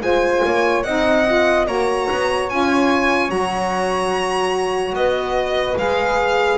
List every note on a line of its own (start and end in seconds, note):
0.00 0.41 G#3
0.00 0.83 F4
0.00 0.45 C5
0.00 0.83 G#5
0.45 0.84 A#3
0.45 0.85 C#5
0.83 1.66 C4
0.83 1.26 D#4
0.83 1.67 D#5
0.83 1.65 F#5
1.26 1.66 F4
1.66 2.08 A#3
1.66 2.48 F#4
1.66 4.95 C#5
1.66 2.49 A#5
2.11 2.50 B3
2.49 3.28 C#4
2.49 3.28 F4
2.49 3.30 G#5
3.28 4.92 F#3
3.28 5.74 F#4
3.28 4.94 A#5
4.92 5.74 B3
4.92 6.58 B4
4.92 5.77 D#5
5.77 6.58 G#3
5.77 6.58 G#4
5.77 6.58 F5